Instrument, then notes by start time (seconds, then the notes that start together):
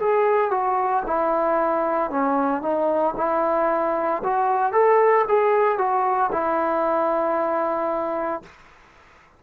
trombone
0.00 G#4
0.51 F#4
1.07 E4
2.11 C#4
2.62 D#4
3.17 E4
4.24 F#4
4.73 A4
5.28 G#4
5.78 F#4
6.32 E4